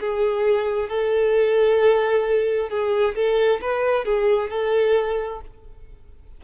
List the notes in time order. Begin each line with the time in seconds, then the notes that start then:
0.00 G#4
0.89 A4
2.69 G#4
3.15 A4
3.61 B4
4.05 G#4
4.50 A4